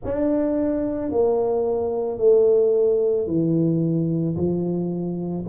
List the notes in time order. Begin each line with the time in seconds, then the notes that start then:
0.04 D4
1.11 A#3
2.18 A3
3.26 E3
4.36 F3